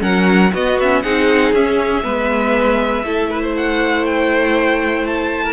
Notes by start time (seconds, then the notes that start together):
0.00 F#3 C#4 A#4 F#5
0.54 B3 F#4 D#5
0.80 C#4 E5
1.03 C4 D#4 G#4 F#5
1.53 C#4 E5
2.04 G#3 B3 B4
3.04 A3 E4 A4
3.31 B4
3.43 C5
3.57 F#5
4.06 G5
5.07 A5
5.44 A#4